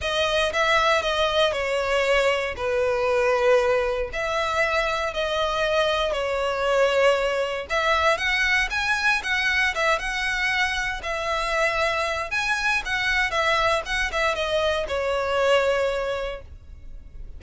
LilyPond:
\new Staff \with { instrumentName = "violin" } { \time 4/4 \tempo 4 = 117 dis''4 e''4 dis''4 cis''4~ | cis''4 b'2. | e''2 dis''2 | cis''2. e''4 |
fis''4 gis''4 fis''4 e''8 fis''8~ | fis''4. e''2~ e''8 | gis''4 fis''4 e''4 fis''8 e''8 | dis''4 cis''2. | }